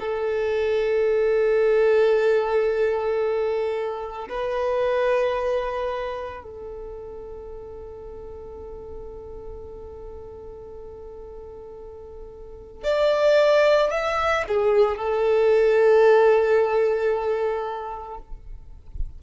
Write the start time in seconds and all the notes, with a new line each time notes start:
0.00 A4
4.29 B4
6.43 A4
12.84 D5
13.91 E5
14.48 G#4
14.98 A4